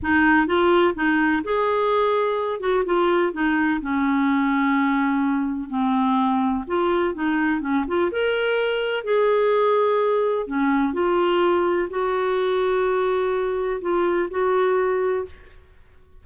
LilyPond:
\new Staff \with { instrumentName = "clarinet" } { \time 4/4 \tempo 4 = 126 dis'4 f'4 dis'4 gis'4~ | gis'4. fis'8 f'4 dis'4 | cis'1 | c'2 f'4 dis'4 |
cis'8 f'8 ais'2 gis'4~ | gis'2 cis'4 f'4~ | f'4 fis'2.~ | fis'4 f'4 fis'2 | }